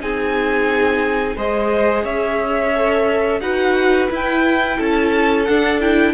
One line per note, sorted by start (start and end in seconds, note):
0.00 1.37 C4
0.00 1.36 D#4
0.00 1.37 G#4
0.00 1.38 G#5
1.37 2.04 G#3
1.37 2.75 G#4
1.37 2.04 C5
1.37 2.05 D#5
2.04 3.41 C#4
2.04 3.40 C#5
2.04 3.41 E5
2.76 3.41 A4
3.41 4.09 D#4
3.41 4.10 F#4
3.41 4.77 B4
3.41 4.09 F#5
4.11 5.47 E4
4.11 4.79 E4
4.11 4.83 G5
4.77 5.48 C#4
4.77 6.13 A4
4.77 5.46 A5
5.46 5.81 D4
5.46 6.14 D4
5.46 5.80 F#5
5.81 6.14 E4
5.81 6.14 G5